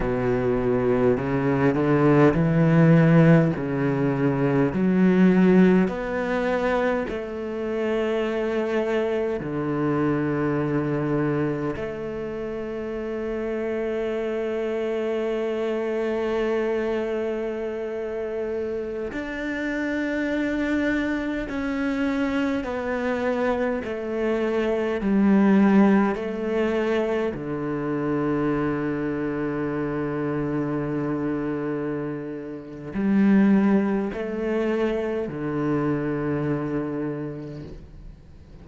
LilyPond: \new Staff \with { instrumentName = "cello" } { \time 4/4 \tempo 4 = 51 b,4 cis8 d8 e4 cis4 | fis4 b4 a2 | d2 a2~ | a1~ |
a16 d'2 cis'4 b8.~ | b16 a4 g4 a4 d8.~ | d1 | g4 a4 d2 | }